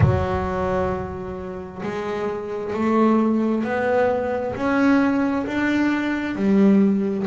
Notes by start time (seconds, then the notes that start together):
0.00 F#3
1.83 G#3
2.73 A3
3.64 B3
4.55 C#4
5.46 D4
6.35 G3